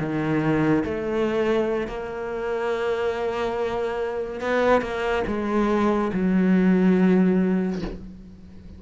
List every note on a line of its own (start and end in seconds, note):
0.00 0.85 D#3
0.85 1.88 A3
1.88 4.41 A#3
4.41 4.82 B3
4.82 5.24 A#3
5.27 6.12 G#3
6.13 7.82 F#3